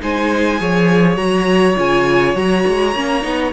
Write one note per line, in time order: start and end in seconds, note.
0.00 0.61 G#3
0.00 0.58 D#4
0.00 0.60 C5
0.00 1.17 G#5
0.58 1.17 F3
0.58 1.16 G#4
0.58 3.53 C#5
1.16 1.76 F#3
1.16 1.75 F#4
1.16 1.75 A#5
1.77 2.35 C#3
1.77 2.36 F4
1.77 2.37 G#5
2.35 2.64 F#3
2.35 2.94 F#4
2.35 3.53 A#5
2.67 2.95 G#3
2.95 3.24 A#3
2.95 3.22 C#4
3.22 3.53 B3
3.22 3.51 D#4